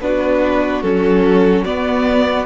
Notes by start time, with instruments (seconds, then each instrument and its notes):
0.00 cello B3, viola D4, violin F#4 B4
0.82 cello F#3, viola C#4, violin A4
1.64 cello B3, viola B3, violin D5